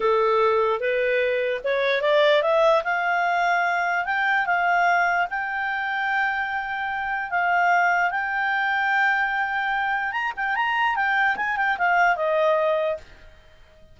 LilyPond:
\new Staff \with { instrumentName = "clarinet" } { \time 4/4 \tempo 4 = 148 a'2 b'2 | cis''4 d''4 e''4 f''4~ | f''2 g''4 f''4~ | f''4 g''2.~ |
g''2 f''2 | g''1~ | g''4 ais''8 g''8 ais''4 g''4 | gis''8 g''8 f''4 dis''2 | }